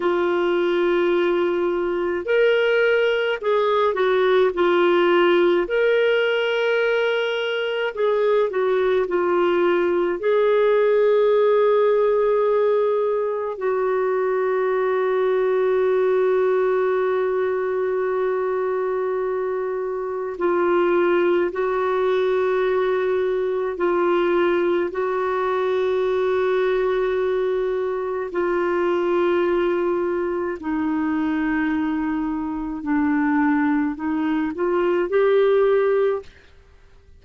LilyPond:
\new Staff \with { instrumentName = "clarinet" } { \time 4/4 \tempo 4 = 53 f'2 ais'4 gis'8 fis'8 | f'4 ais'2 gis'8 fis'8 | f'4 gis'2. | fis'1~ |
fis'2 f'4 fis'4~ | fis'4 f'4 fis'2~ | fis'4 f'2 dis'4~ | dis'4 d'4 dis'8 f'8 g'4 | }